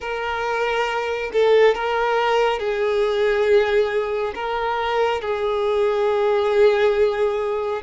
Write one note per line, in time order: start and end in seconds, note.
0.00 1.31 A#4
1.32 1.74 A4
1.74 2.59 A#4
2.59 4.33 G#4
4.34 5.21 A#4
5.21 7.81 G#4